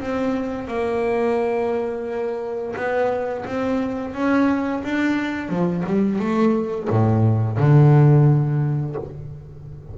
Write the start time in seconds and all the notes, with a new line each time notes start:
0.00 C4
0.67 A#3
2.76 B3
3.45 C4
4.14 C#4
4.83 D4
5.49 F3
5.86 G3
6.19 A3
6.90 A2
7.57 D3